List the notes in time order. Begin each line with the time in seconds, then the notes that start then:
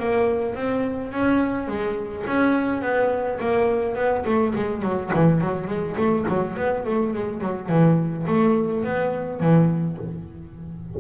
0.00 A#3
0.55 C4
1.12 C#4
1.68 G#3
2.28 C#4
2.82 B3
3.40 A#3
3.96 B3
4.26 A3
4.56 G#3
4.83 F#3
5.14 E3
5.42 F#3
5.68 G#3
5.97 A3
6.29 F#3
6.57 B3
6.86 A3
7.14 G#3
7.42 F#3
7.69 E3
8.28 A3
8.84 B3
9.41 E3